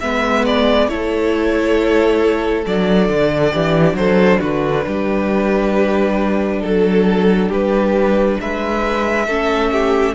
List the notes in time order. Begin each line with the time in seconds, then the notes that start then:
0.00 G#3 B3 B4 E5
0.45 D5
0.88 A3 E4 A4 C#5
2.66 F#3 D4 D5
3.09 D3
3.53 E3 G4
3.93 F#3 A4 C5
4.40 D3 F#4 B4
4.86 G3 G4
6.60 F#3 A4
7.48 G3 G4 B4
8.40 G#3 B4 E5
9.26 A3 C#4 A4
9.71 G4